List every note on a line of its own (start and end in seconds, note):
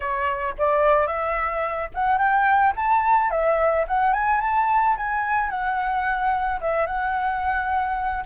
0.00 0.55 C#5
0.58 1.06 D5
1.06 1.89 E5
1.94 2.18 F#5
2.18 2.73 G5
2.75 3.30 A5
3.30 3.85 E5
3.87 4.13 F#5
4.13 4.40 G#5
4.41 4.96 A5
4.96 5.49 G#5
5.49 6.60 F#5
6.60 6.86 E5
6.86 8.24 F#5